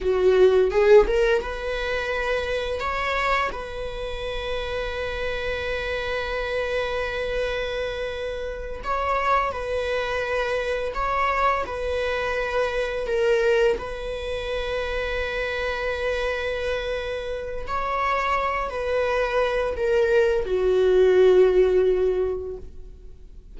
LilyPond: \new Staff \with { instrumentName = "viola" } { \time 4/4 \tempo 4 = 85 fis'4 gis'8 ais'8 b'2 | cis''4 b'2.~ | b'1~ | b'8 cis''4 b'2 cis''8~ |
cis''8 b'2 ais'4 b'8~ | b'1~ | b'4 cis''4. b'4. | ais'4 fis'2. | }